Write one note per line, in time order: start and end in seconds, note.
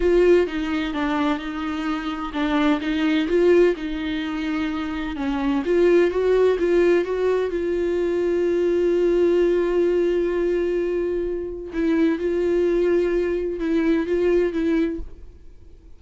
0.00 0.46 F4
0.46 0.93 D#4
0.93 1.38 D4
1.38 2.32 D#4
2.33 2.80 D4
2.80 3.27 D#4
3.28 3.75 F4
3.76 5.16 D#4
5.16 5.62 C#4
5.65 6.10 F4
6.10 6.57 F#4
6.59 7.04 F4
7.04 7.50 F#4
7.50 11.72 F4
11.73 12.19 E4
12.19 13.59 F4
13.59 14.06 E4
14.06 14.52 F4
14.52 14.99 E4